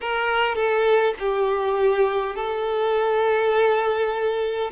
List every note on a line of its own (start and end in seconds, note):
0.00 0.55 A#4
0.55 1.14 A4
1.19 2.35 G4
2.35 4.71 A4